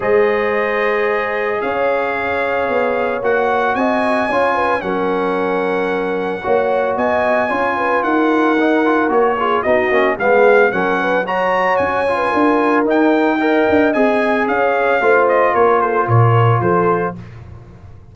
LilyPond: <<
  \new Staff \with { instrumentName = "trumpet" } { \time 4/4 \tempo 4 = 112 dis''2. f''4~ | f''2 fis''4 gis''4~ | gis''4 fis''2.~ | fis''4 gis''2 fis''4~ |
fis''4 cis''4 dis''4 f''4 | fis''4 ais''4 gis''2 | g''2 gis''4 f''4~ | f''8 dis''8 cis''8 c''8 cis''4 c''4 | }
  \new Staff \with { instrumentName = "horn" } { \time 4/4 c''2. cis''4~ | cis''2. dis''4 | cis''8 b'8 ais'2. | cis''4 dis''4 cis''8 b'8 ais'4~ |
ais'4. gis'8 fis'4 gis'4 | ais'8 b'8 cis''4.~ cis''16 b'16 ais'4~ | ais'4 dis''2 cis''4 | c''4 ais'8 a'8 ais'4 a'4 | }
  \new Staff \with { instrumentName = "trombone" } { \time 4/4 gis'1~ | gis'2 fis'2 | f'4 cis'2. | fis'2 f'2 |
dis'8 f'8 fis'8 f'8 dis'8 cis'8 b4 | cis'4 fis'4. f'4. | dis'4 ais'4 gis'2 | f'1 | }
  \new Staff \with { instrumentName = "tuba" } { \time 4/4 gis2. cis'4~ | cis'4 b4 ais4 c'4 | cis'4 fis2. | ais4 b4 cis'4 dis'4~ |
dis'4 ais4 b8 ais8 gis4 | fis2 cis'4 d'4 | dis'4. d'8 c'4 cis'4 | a4 ais4 ais,4 f4 | }
>>